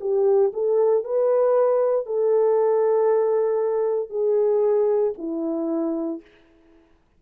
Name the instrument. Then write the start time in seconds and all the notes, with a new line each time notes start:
horn
0.00 G4
0.53 A4
1.04 B4
2.06 A4
4.10 G#4
5.18 E4